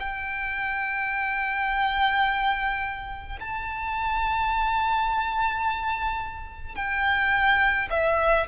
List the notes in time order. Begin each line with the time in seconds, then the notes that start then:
0.00 G5
3.41 A5
6.76 G5
7.90 E5